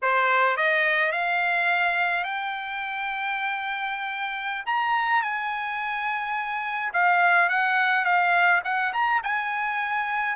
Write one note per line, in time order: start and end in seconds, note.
0.02 0.56 C5
0.56 1.11 D#5
1.11 2.24 F5
2.24 4.64 G5
4.65 5.22 A#5
5.22 6.92 G#5
6.93 7.49 F5
7.49 8.05 F#5
8.05 8.61 F5
8.64 8.92 F#5
8.93 9.21 A#5
9.23 10.36 G#5